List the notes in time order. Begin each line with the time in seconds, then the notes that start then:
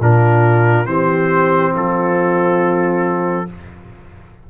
0.00 A#2 D4 F4 A#4
0.86 E3 C4 G4 C5
1.73 F3 F4 A4